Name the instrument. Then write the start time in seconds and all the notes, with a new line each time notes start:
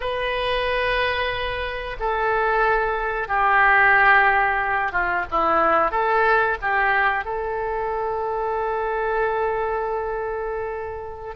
oboe
0.00 B4
1.99 A4
3.28 G4
4.92 F4
5.30 E4
5.91 A4
6.61 G4
7.24 A4